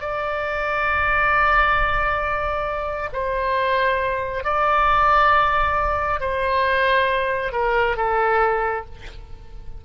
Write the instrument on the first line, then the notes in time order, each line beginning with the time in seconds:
oboe
0.00 D5
3.12 C5
4.44 D5
6.20 C5
7.52 A#4
7.97 A4